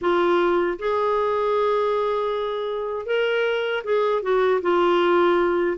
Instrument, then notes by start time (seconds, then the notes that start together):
clarinet
0.01 F4
0.78 G#4
3.06 A#4
3.84 G#4
4.22 F#4
4.61 F4